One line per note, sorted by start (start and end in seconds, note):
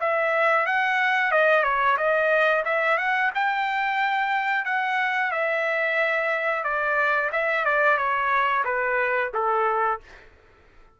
0.00 0.66 E5
0.66 1.31 F#5
1.31 1.63 D#5
1.63 1.97 C#5
1.97 2.64 D#5
2.65 2.97 E5
2.97 3.31 F#5
3.34 4.65 G5
4.65 5.31 F#5
5.31 6.63 E5
6.63 7.30 D5
7.32 7.65 E5
7.65 7.97 D5
7.97 8.64 C#5
8.65 9.31 B4
9.34 10.00 A4